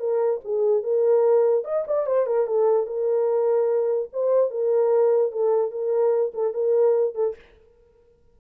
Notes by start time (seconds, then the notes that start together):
0.00 A#4
0.45 G#4
0.83 A#4
1.65 D#5
1.88 D5
2.07 C5
2.27 A#4
2.47 A4
2.87 A#4
4.13 C5
4.51 A#4
5.32 A4
5.71 A#4
6.34 A4
6.54 A#4
7.15 A4